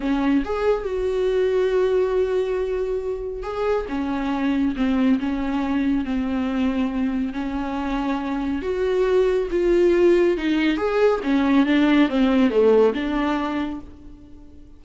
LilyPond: \new Staff \with { instrumentName = "viola" } { \time 4/4 \tempo 4 = 139 cis'4 gis'4 fis'2~ | fis'1 | gis'4 cis'2 c'4 | cis'2 c'2~ |
c'4 cis'2. | fis'2 f'2 | dis'4 gis'4 cis'4 d'4 | c'4 a4 d'2 | }